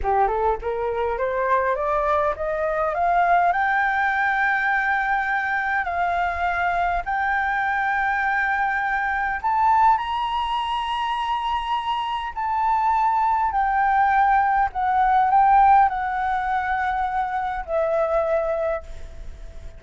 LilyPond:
\new Staff \with { instrumentName = "flute" } { \time 4/4 \tempo 4 = 102 g'8 a'8 ais'4 c''4 d''4 | dis''4 f''4 g''2~ | g''2 f''2 | g''1 |
a''4 ais''2.~ | ais''4 a''2 g''4~ | g''4 fis''4 g''4 fis''4~ | fis''2 e''2 | }